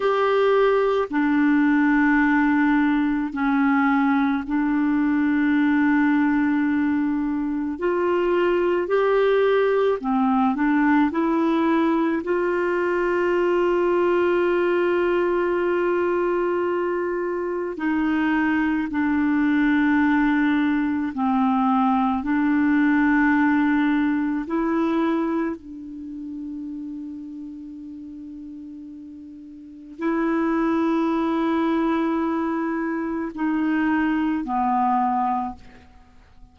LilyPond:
\new Staff \with { instrumentName = "clarinet" } { \time 4/4 \tempo 4 = 54 g'4 d'2 cis'4 | d'2. f'4 | g'4 c'8 d'8 e'4 f'4~ | f'1 |
dis'4 d'2 c'4 | d'2 e'4 d'4~ | d'2. e'4~ | e'2 dis'4 b4 | }